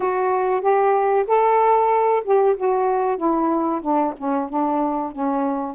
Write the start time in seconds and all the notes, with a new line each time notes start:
0.00 F#4
0.61 G4
1.27 A4
2.24 G4
2.56 F#4
3.17 E4
3.82 D4
4.17 C#4
4.49 D4
5.12 C#4